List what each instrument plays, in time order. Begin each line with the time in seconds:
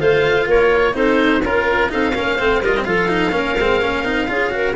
0.00 tuba A3, cello F4, clarinet C5, oboe F5
0.47 tuba A#3, clarinet A#4, oboe C#5
0.94 tuba C4, cello D#4, clarinet A4, oboe C5
1.42 tuba C#4, cello F4, clarinet A#4, oboe A#4
1.89 tuba C4, cello D#4, clarinet A4, oboe F5
2.14 tuba A#3, cello C#4, clarinet A#4
2.36 tuba A3, cello C4, clarinet C5
2.61 tuba G3, cello F4, clarinet A#4, oboe D#5
2.77 cello C4
2.84 tuba F3, cello F4, clarinet A4, oboe F5
3.09 cello D#4
3.32 tuba A#3, cello C#4, clarinet A#4
3.59 tuba G#3, cello C4
3.81 tuba A#3, cello C#4
4.04 tuba C4, cello D#4
4.28 tuba C#4, cello F4, clarinet G#4
4.51 cello F#4, clarinet A#4